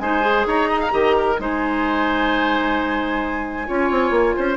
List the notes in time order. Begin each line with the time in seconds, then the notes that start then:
0.00 G#3 D#4 C5 G#5
0.22 G#4
0.47 D#4 C#5 A#5
0.70 D#5
0.80 F5
0.91 D#3 G4 D#5
1.18 A#4
1.39 G#3 D#4 C5 G#5
3.67 C#4 F4 C#5
3.91 C4
4.11 A#3
4.36 C#4 C5